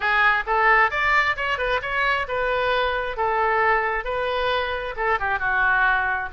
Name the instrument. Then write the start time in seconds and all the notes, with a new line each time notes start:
oboe
0.00 G#4
0.46 A4
0.90 D5
1.36 C#5
1.57 B4
1.81 C#5
2.28 B4
3.17 A4
4.04 B4
4.96 A4
5.19 G4
5.39 F#4